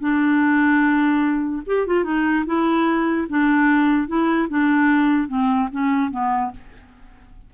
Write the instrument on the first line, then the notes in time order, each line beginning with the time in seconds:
clarinet
0.00 D4
1.66 G4
1.87 F4
2.04 D#4
2.46 E4
3.29 D4
4.07 E4
4.49 D4
5.28 C4
5.71 C#4
6.11 B3